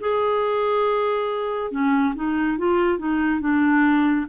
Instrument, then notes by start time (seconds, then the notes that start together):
clarinet
0.00 G#4
1.71 C#4
2.15 D#4
2.58 F4
2.99 D#4
3.41 D4